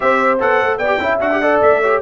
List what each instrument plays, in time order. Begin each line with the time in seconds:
0.00 tuba C4, trombone G4, horn C5, trumpet E5
0.40 tuba B3, trombone A4, trumpet F#5
0.61 tuba A3
0.77 tuba B3, horn D5, trumpet G5
0.85 trombone G4
0.99 tuba C#4, trombone E4, horn E5
1.19 tuba D4, trombone F#4, trumpet F#5
1.31 trombone G4
1.42 trombone A4, horn D5
1.61 tuba A3, trumpet E5
1.81 trombone G4, horn C#5